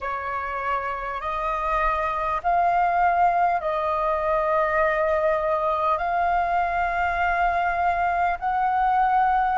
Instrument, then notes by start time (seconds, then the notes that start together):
flute
0.01 C#5
1.20 D#5
2.43 F5
3.61 D#5
5.97 F5
8.39 F#5